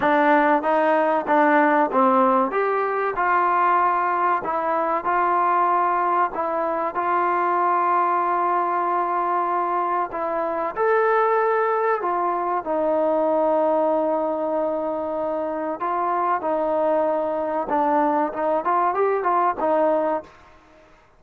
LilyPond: \new Staff \with { instrumentName = "trombone" } { \time 4/4 \tempo 4 = 95 d'4 dis'4 d'4 c'4 | g'4 f'2 e'4 | f'2 e'4 f'4~ | f'1 |
e'4 a'2 f'4 | dis'1~ | dis'4 f'4 dis'2 | d'4 dis'8 f'8 g'8 f'8 dis'4 | }